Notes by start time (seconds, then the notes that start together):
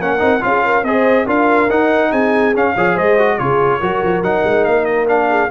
0.00 A#3 C#4 A#4 F#5
0.19 C4 D#4
0.40 C#4 F4 F5
0.47 G#4
0.65 A#4
0.83 C4 G#4 C5 D#5
1.26 D4 F4 A#4 F5
1.70 D#4 F#5
2.11 C4 G#4 G#5
2.54 C#4 F5
2.75 F3 G#4 C#5
2.95 G#3 C5 D#5
3.18 F#4
3.38 C#3 F4 G#4 C#5
3.79 F#3 F#4 A#4
4.04 F3
4.22 F#3 D#4 F#5
4.44 G#3
4.64 A#3 F5
4.85 D#5
5.08 D4 F5
5.29 G#4